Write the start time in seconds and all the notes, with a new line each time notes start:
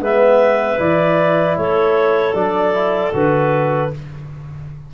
0.00 G#3 B3 B4 E5
0.77 E3 E4 D5
1.57 A3 A4 C#5
2.34 F#3 D4 D5
2.73 E4
3.13 D3 F#4 B4